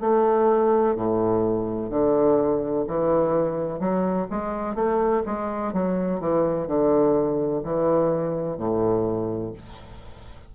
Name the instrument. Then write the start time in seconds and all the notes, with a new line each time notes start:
bassoon
0.00 A3
0.95 A2
1.90 D3
2.87 E3
3.79 F#3
4.30 G#3
4.75 A3
5.26 G#3
5.73 F#3
6.20 E3
6.67 D3
7.63 E3
8.58 A2